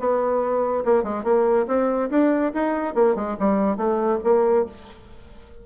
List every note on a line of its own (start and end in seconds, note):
0.00 0.85 B3
0.85 1.04 A#3
1.04 1.24 G#3
1.24 1.67 A#3
1.68 2.10 C4
2.11 2.53 D4
2.54 2.95 D#4
2.95 3.16 A#3
3.16 3.37 G#3
3.40 3.77 G3
3.77 4.20 A3
4.24 4.66 A#3